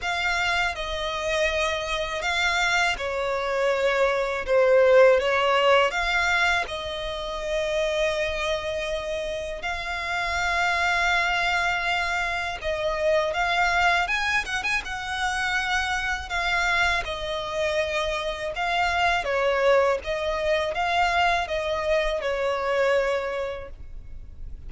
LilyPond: \new Staff \with { instrumentName = "violin" } { \time 4/4 \tempo 4 = 81 f''4 dis''2 f''4 | cis''2 c''4 cis''4 | f''4 dis''2.~ | dis''4 f''2.~ |
f''4 dis''4 f''4 gis''8 fis''16 gis''16 | fis''2 f''4 dis''4~ | dis''4 f''4 cis''4 dis''4 | f''4 dis''4 cis''2 | }